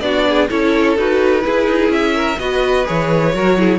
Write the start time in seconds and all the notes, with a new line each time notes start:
0.00 B3 D4 F#4 D5
0.28 G#4
0.49 C#4 E4 A4 C#5
0.97 D#4 F#4 B4
1.41 E4 G#4
1.47 E4
1.66 D#4
1.88 C#4 E5
2.15 A#4
2.38 B3 F#4 B4 D#5
2.85 E3 G#4 C#5
3.33 F#3 F#4 A#4
3.57 E4 G#4